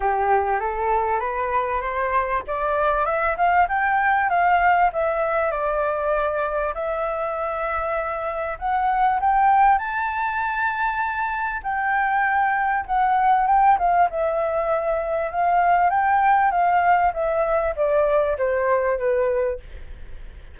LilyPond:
\new Staff \with { instrumentName = "flute" } { \time 4/4 \tempo 4 = 98 g'4 a'4 b'4 c''4 | d''4 e''8 f''8 g''4 f''4 | e''4 d''2 e''4~ | e''2 fis''4 g''4 |
a''2. g''4~ | g''4 fis''4 g''8 f''8 e''4~ | e''4 f''4 g''4 f''4 | e''4 d''4 c''4 b'4 | }